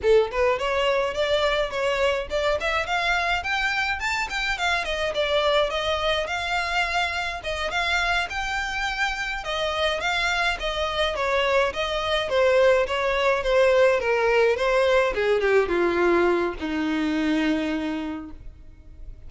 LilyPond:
\new Staff \with { instrumentName = "violin" } { \time 4/4 \tempo 4 = 105 a'8 b'8 cis''4 d''4 cis''4 | d''8 e''8 f''4 g''4 a''8 g''8 | f''8 dis''8 d''4 dis''4 f''4~ | f''4 dis''8 f''4 g''4.~ |
g''8 dis''4 f''4 dis''4 cis''8~ | cis''8 dis''4 c''4 cis''4 c''8~ | c''8 ais'4 c''4 gis'8 g'8 f'8~ | f'4 dis'2. | }